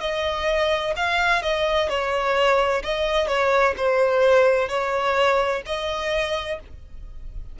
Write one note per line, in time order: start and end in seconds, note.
0.00 0.94 D#5
0.96 1.42 F5
1.42 1.89 D#5
1.89 2.83 C#5
2.83 3.27 D#5
3.27 3.74 C#5
3.77 4.68 C5
4.68 5.62 C#5
5.65 6.59 D#5